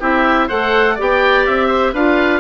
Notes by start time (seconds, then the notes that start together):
0.00 C4 E4 G4 E5
0.47 A3 A4 C5 F#5
0.95 B3 G4 D5
1.01 G5
1.46 C4 E5
1.67 C5
1.93 D4 F4 B4 F5